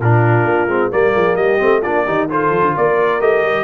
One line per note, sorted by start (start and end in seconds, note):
0.00 0.44 A#2
0.00 0.69 D4
0.00 0.93 F4
0.00 0.92 A#4
0.44 0.66 A#3
0.66 0.89 G#3
0.66 0.91 C4
0.91 1.16 G3
0.91 1.59 A#3
0.91 1.14 A#4
0.91 1.36 D5
1.14 1.37 F3
1.14 1.36 G#4
1.36 1.59 G3
1.36 1.81 G4
1.36 1.82 D#5
1.59 1.85 A3
1.59 1.82 C4
1.81 2.08 A#3
1.81 2.06 D4
1.81 2.04 F4
1.81 2.28 D5
2.05 2.50 D#3
2.05 2.29 D#4
2.05 2.28 G4
2.30 3.21 F4
2.30 2.74 A4
2.30 2.77 C5
2.50 2.62 F3
2.62 2.74 D3
2.74 3.20 A#3
2.74 3.64 A#4
2.74 3.21 D5
3.20 3.42 A3
3.20 3.64 G4
3.20 3.64 D#5
3.42 3.64 G3